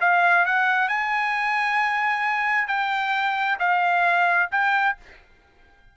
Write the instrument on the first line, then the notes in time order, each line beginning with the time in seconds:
trumpet
0.00 F5
0.45 F#5
0.88 G#5
2.67 G5
3.59 F5
4.51 G5